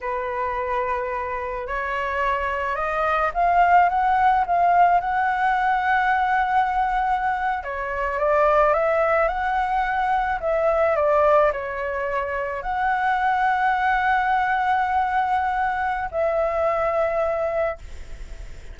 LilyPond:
\new Staff \with { instrumentName = "flute" } { \time 4/4 \tempo 4 = 108 b'2. cis''4~ | cis''4 dis''4 f''4 fis''4 | f''4 fis''2.~ | fis''4.~ fis''16 cis''4 d''4 e''16~ |
e''8. fis''2 e''4 d''16~ | d''8. cis''2 fis''4~ fis''16~ | fis''1~ | fis''4 e''2. | }